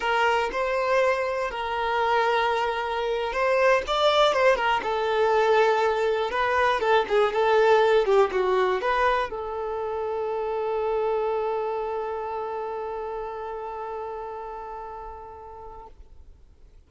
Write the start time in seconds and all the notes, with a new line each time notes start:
0.00 A#4
0.51 C5
1.50 A#4
3.32 C5
3.87 D5
4.33 C5
4.56 A#4
4.82 A4
6.30 B4
6.80 A4
7.08 G#4
7.32 A4
8.05 G4
8.31 F#4
8.81 B4
9.30 A4